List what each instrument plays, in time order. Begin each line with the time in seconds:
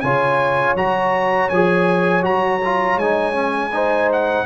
0.00 tuba C#3, trombone F4, horn C#5, trumpet G#5
0.75 tuba F#3, trombone F#4, trumpet A#5
1.49 tuba F3, trombone G#4, trumpet G#5
2.22 tuba F#3, trombone F#4, trumpet A#5
2.65 trombone F4
2.96 tuba G#3, trombone D#4, trumpet G#5
3.33 trombone C#4
3.72 trombone D#4, horn C5
4.12 trumpet F#5